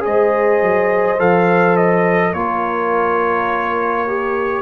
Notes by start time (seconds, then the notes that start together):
0.00 G#3 G#4 C5 D#5
0.62 F#3
1.18 F3 A4 F5
1.76 D#5
2.33 A#3 F4 A#4 C#5
4.07 G4